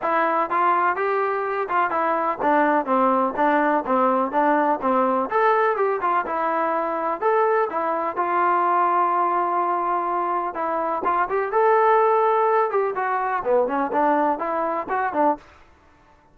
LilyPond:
\new Staff \with { instrumentName = "trombone" } { \time 4/4 \tempo 4 = 125 e'4 f'4 g'4. f'8 | e'4 d'4 c'4 d'4 | c'4 d'4 c'4 a'4 | g'8 f'8 e'2 a'4 |
e'4 f'2.~ | f'2 e'4 f'8 g'8 | a'2~ a'8 g'8 fis'4 | b8 cis'8 d'4 e'4 fis'8 d'8 | }